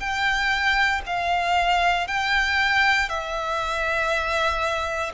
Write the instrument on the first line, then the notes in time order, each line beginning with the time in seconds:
violin
0.00 G5
1.06 F5
2.07 G5
3.09 E5